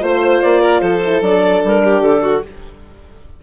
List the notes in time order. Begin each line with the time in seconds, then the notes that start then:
0.00 A3 F4 C5
0.41 A#3 D5
0.61 A#4
0.80 F3 A4 C5
1.04 E4
1.21 F#3 D4 D5
1.64 G3 A#4
1.84 G4
2.01 D3 A4
2.22 F#4